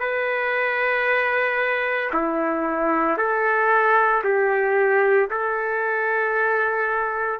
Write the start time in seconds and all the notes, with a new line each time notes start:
0.00 B4
2.13 E4
3.17 A4
4.24 G4
5.30 A4